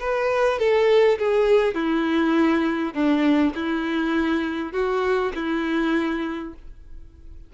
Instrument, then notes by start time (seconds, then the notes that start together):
violin
0.00 B4
0.59 A4
1.19 G#4
1.75 E4
2.94 D4
3.55 E4
4.73 F#4
5.35 E4